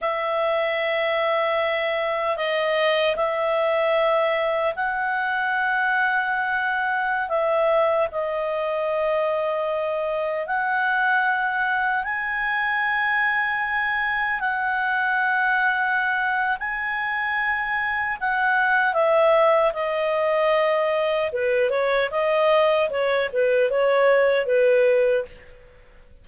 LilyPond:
\new Staff \with { instrumentName = "clarinet" } { \time 4/4 \tempo 4 = 76 e''2. dis''4 | e''2 fis''2~ | fis''4~ fis''16 e''4 dis''4.~ dis''16~ | dis''4~ dis''16 fis''2 gis''8.~ |
gis''2~ gis''16 fis''4.~ fis''16~ | fis''4 gis''2 fis''4 | e''4 dis''2 b'8 cis''8 | dis''4 cis''8 b'8 cis''4 b'4 | }